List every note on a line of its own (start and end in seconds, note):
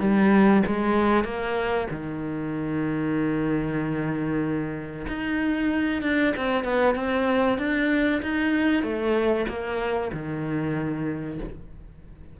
0.00 0.63 G3
0.66 1.24 G#3
1.24 1.87 A#3
1.91 5.06 D#3
5.08 6.02 D#4
6.02 6.34 D4
6.36 6.65 C4
6.65 6.95 B3
6.95 7.58 C4
7.58 8.21 D4
8.22 8.83 D#4
8.83 9.46 A3
9.48 10.11 A#3
10.13 11.39 D#3